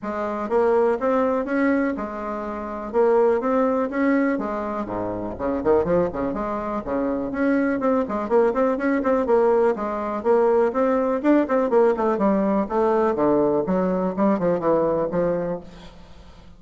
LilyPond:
\new Staff \with { instrumentName = "bassoon" } { \time 4/4 \tempo 4 = 123 gis4 ais4 c'4 cis'4 | gis2 ais4 c'4 | cis'4 gis4 gis,4 cis8 dis8 | f8 cis8 gis4 cis4 cis'4 |
c'8 gis8 ais8 c'8 cis'8 c'8 ais4 | gis4 ais4 c'4 d'8 c'8 | ais8 a8 g4 a4 d4 | fis4 g8 f8 e4 f4 | }